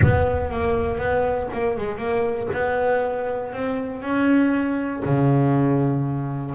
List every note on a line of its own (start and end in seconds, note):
0.02 0.51 B3
0.51 0.98 A#3
0.98 1.48 B3
1.52 1.77 A#3
1.77 1.98 G#3
1.98 2.48 A#3
2.52 3.52 B3
3.52 4.02 C4
4.02 5.03 C#4
5.05 6.55 C#3